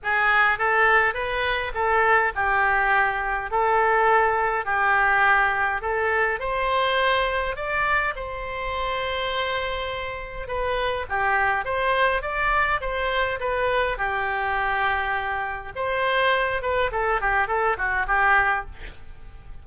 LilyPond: \new Staff \with { instrumentName = "oboe" } { \time 4/4 \tempo 4 = 103 gis'4 a'4 b'4 a'4 | g'2 a'2 | g'2 a'4 c''4~ | c''4 d''4 c''2~ |
c''2 b'4 g'4 | c''4 d''4 c''4 b'4 | g'2. c''4~ | c''8 b'8 a'8 g'8 a'8 fis'8 g'4 | }